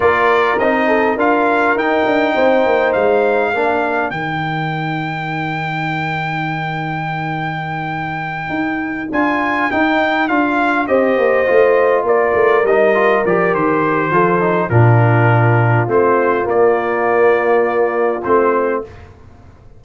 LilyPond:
<<
  \new Staff \with { instrumentName = "trumpet" } { \time 4/4 \tempo 4 = 102 d''4 dis''4 f''4 g''4~ | g''4 f''2 g''4~ | g''1~ | g''2.~ g''8 gis''8~ |
gis''8 g''4 f''4 dis''4.~ | dis''8 d''4 dis''4 d''8 c''4~ | c''4 ais'2 c''4 | d''2. c''4 | }
  \new Staff \with { instrumentName = "horn" } { \time 4/4 ais'4. a'8 ais'2 | c''2 ais'2~ | ais'1~ | ais'1~ |
ais'2~ ais'8 c''4.~ | c''8 ais'2.~ ais'8 | a'4 f'2.~ | f'1 | }
  \new Staff \with { instrumentName = "trombone" } { \time 4/4 f'4 dis'4 f'4 dis'4~ | dis'2 d'4 dis'4~ | dis'1~ | dis'2.~ dis'8 f'8~ |
f'8 dis'4 f'4 g'4 f'8~ | f'4. dis'8 f'8 g'4. | f'8 dis'8 d'2 c'4 | ais2. c'4 | }
  \new Staff \with { instrumentName = "tuba" } { \time 4/4 ais4 c'4 d'4 dis'8 d'8 | c'8 ais8 gis4 ais4 dis4~ | dis1~ | dis2~ dis8 dis'4 d'8~ |
d'8 dis'4 d'4 c'8 ais8 a8~ | a8 ais8 a8 g4 f8 dis4 | f4 ais,2 a4 | ais2. a4 | }
>>